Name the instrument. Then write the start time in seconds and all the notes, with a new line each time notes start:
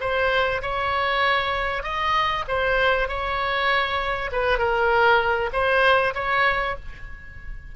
oboe
0.00 C5
0.62 C#5
1.83 D#5
2.47 C5
3.08 C#5
4.32 B4
4.58 A#4
5.52 C5
6.14 C#5